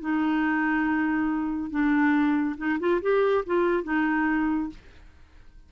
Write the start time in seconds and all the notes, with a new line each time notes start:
0.00 D#4
1.70 D4
2.57 D#4
2.79 F4
3.02 G4
3.46 F4
3.84 D#4